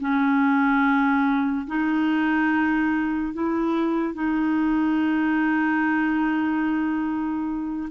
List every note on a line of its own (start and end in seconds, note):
0.00 1.67 C#4
1.67 3.33 D#4
3.33 4.14 E4
4.14 7.89 D#4